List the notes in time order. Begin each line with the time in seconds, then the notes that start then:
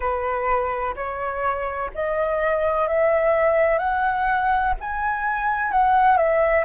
0.00 B4
0.95 C#5
1.94 D#5
2.87 E5
3.78 F#5
4.80 G#5
5.71 F#5
6.17 E5